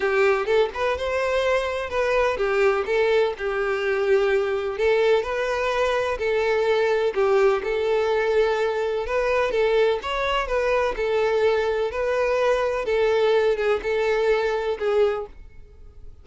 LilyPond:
\new Staff \with { instrumentName = "violin" } { \time 4/4 \tempo 4 = 126 g'4 a'8 b'8 c''2 | b'4 g'4 a'4 g'4~ | g'2 a'4 b'4~ | b'4 a'2 g'4 |
a'2. b'4 | a'4 cis''4 b'4 a'4~ | a'4 b'2 a'4~ | a'8 gis'8 a'2 gis'4 | }